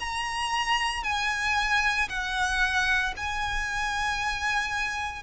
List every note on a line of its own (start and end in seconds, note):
0.00 1.04 A#5
1.04 2.09 G#5
2.10 3.15 F#5
3.17 5.23 G#5